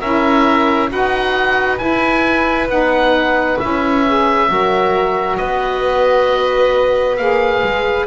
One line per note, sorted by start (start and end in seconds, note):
0.00 0.90 C#4
0.00 0.89 E4
0.00 0.90 A#4
0.00 0.90 E5
0.89 1.81 D#4
0.89 1.78 F#4
0.89 4.49 B4
0.89 1.78 F#5
1.78 2.67 E4
1.78 2.68 E4
1.78 2.67 G#5
2.68 3.57 B3
2.68 3.58 D#4
2.68 3.59 F#5
3.59 4.49 C#4
3.59 4.05 E4
3.59 5.37 E5
4.07 4.47 G#4
4.47 5.38 F#3
4.47 7.16 F#4
4.47 5.39 A#4
5.37 7.17 B3
5.37 8.06 B4
5.37 7.16 D#5
7.16 7.62 A#3
7.16 8.06 G#4
7.16 8.06 F5
7.63 8.06 G#3